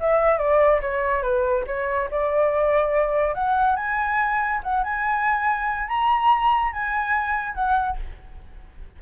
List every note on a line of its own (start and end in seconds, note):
0.00 0.38 E5
0.38 0.80 D5
0.81 1.23 C#5
1.23 1.65 B4
1.67 2.09 C#5
2.11 3.35 D5
3.35 3.76 F#5
3.76 4.61 G#5
4.63 4.84 F#5
4.84 5.88 G#5
5.88 6.72 A#5
6.72 7.55 G#5
7.55 7.97 F#5